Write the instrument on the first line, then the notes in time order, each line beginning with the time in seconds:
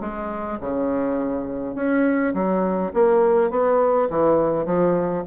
bassoon
0.00 G#3
0.60 C#3
1.75 C#4
2.34 F#3
2.93 A#3
3.50 B3
4.10 E3
4.65 F3